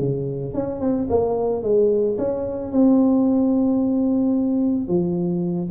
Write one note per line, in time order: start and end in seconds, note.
0.00 0.54 C#3
0.54 0.81 C#4
0.81 1.08 C4
1.10 1.63 A#3
1.63 2.18 G#3
2.19 2.72 C#4
2.72 4.88 C4
4.88 5.70 F3